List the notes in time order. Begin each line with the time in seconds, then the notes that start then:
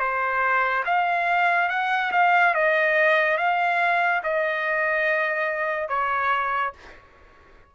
0.00 C5
0.86 F5
1.69 F#5
2.12 F5
2.55 D#5
3.38 F5
4.24 D#5
5.89 C#5